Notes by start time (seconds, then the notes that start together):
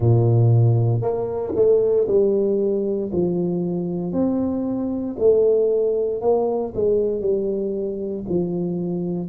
0.00 A#2
1.01 A#3
1.55 A3
2.07 G3
3.12 F3
4.12 C4
5.19 A3
6.21 A#3
6.74 G#3
7.20 G3
8.29 F3